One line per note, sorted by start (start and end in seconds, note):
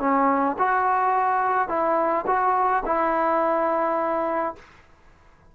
0.00 0.57 C#4
0.59 1.69 F#4
1.69 2.25 E4
2.27 2.84 F#4
2.86 4.56 E4